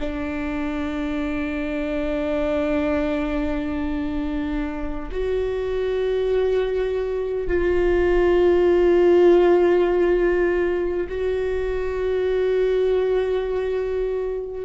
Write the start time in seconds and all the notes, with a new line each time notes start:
0.00 D4
5.12 F#4
7.48 F4
11.09 F#4